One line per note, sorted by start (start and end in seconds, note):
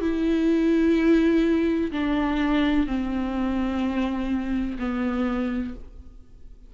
0.00 1.90 E4
1.91 2.86 D4
2.86 4.77 C4
4.78 5.74 B3